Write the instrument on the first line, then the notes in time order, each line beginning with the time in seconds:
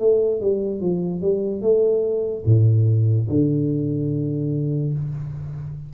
tuba
0.00 A3
0.41 G3
0.81 F3
1.22 G3
1.62 A3
2.46 A2
3.30 D3